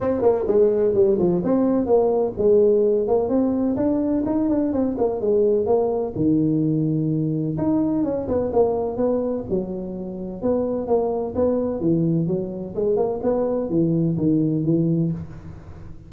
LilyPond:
\new Staff \with { instrumentName = "tuba" } { \time 4/4 \tempo 4 = 127 c'8 ais8 gis4 g8 f8 c'4 | ais4 gis4. ais8 c'4 | d'4 dis'8 d'8 c'8 ais8 gis4 | ais4 dis2. |
dis'4 cis'8 b8 ais4 b4 | fis2 b4 ais4 | b4 e4 fis4 gis8 ais8 | b4 e4 dis4 e4 | }